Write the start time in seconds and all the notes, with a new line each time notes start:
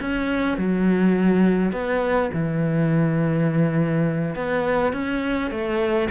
0.00 C#4
0.57 F#3
1.72 B3
2.33 E3
4.35 B3
4.92 C#4
5.50 A3